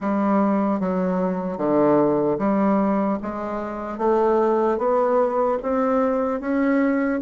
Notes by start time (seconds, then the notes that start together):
0.00 G3
0.80 F#3
1.57 D3
2.38 G3
3.22 G#3
3.98 A3
4.77 B3
5.62 C4
6.40 C#4